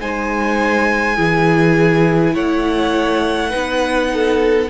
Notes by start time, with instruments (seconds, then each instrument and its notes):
0.00 cello G#3, viola D#4, violin C5 G#5
1.15 cello E3, viola E4, violin G#4
2.34 cello A3, violin C#5 F#5
3.50 cello B3, viola D#4, violin B4
4.13 violin A4